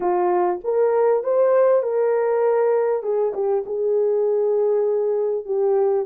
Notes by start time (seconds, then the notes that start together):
0.00 F4
0.64 A#4
1.23 C5
1.83 A#4
3.02 G#4
3.33 G4
3.66 G#4
5.45 G4